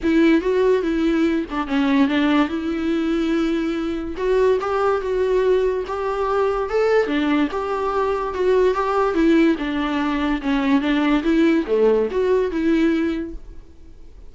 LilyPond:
\new Staff \with { instrumentName = "viola" } { \time 4/4 \tempo 4 = 144 e'4 fis'4 e'4. d'8 | cis'4 d'4 e'2~ | e'2 fis'4 g'4 | fis'2 g'2 |
a'4 d'4 g'2 | fis'4 g'4 e'4 d'4~ | d'4 cis'4 d'4 e'4 | a4 fis'4 e'2 | }